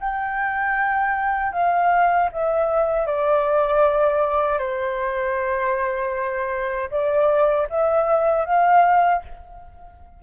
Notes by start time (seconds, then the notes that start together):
0.00 G5
1.53 F5
2.33 E5
3.07 D5
4.59 C5
6.91 D5
7.70 E5
8.46 F5